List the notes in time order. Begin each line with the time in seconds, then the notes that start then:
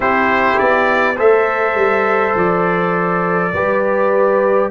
0.00 C4 E4 G4 C5
0.58 B3 D5
1.15 A3 A4 C5 E5
1.74 G3
2.35 F3 D5
3.53 G3 G4 B4